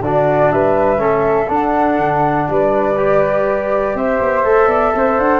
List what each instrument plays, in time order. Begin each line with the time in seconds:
0.00 tuba D3, trombone D4, flute F#4 D5
0.51 tuba G3, flute B4 E5
0.97 tuba A3, trombone C#4, flute A4
1.48 trombone D4, tuba D4, flute F#5
1.97 tuba D3
2.49 tuba G3, flute B4 D5
2.96 trombone G4
3.94 tuba C4, flute C5 E5
4.19 tuba B3
4.44 tuba A3, trombone A4
4.66 tuba B3, flute D5
4.94 tuba C4, flute C5
5.18 tuba D4, flute F#5